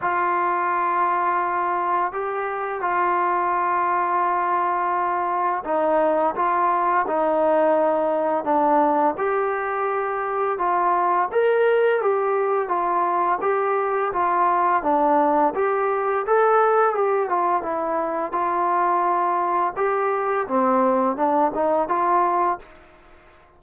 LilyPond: \new Staff \with { instrumentName = "trombone" } { \time 4/4 \tempo 4 = 85 f'2. g'4 | f'1 | dis'4 f'4 dis'2 | d'4 g'2 f'4 |
ais'4 g'4 f'4 g'4 | f'4 d'4 g'4 a'4 | g'8 f'8 e'4 f'2 | g'4 c'4 d'8 dis'8 f'4 | }